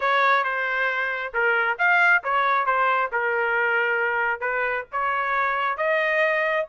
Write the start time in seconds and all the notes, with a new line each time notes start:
0.00 C#5
0.44 C5
1.33 A#4
1.78 F5
2.23 C#5
2.65 C5
3.12 A#4
4.40 B4
4.92 C#5
5.77 D#5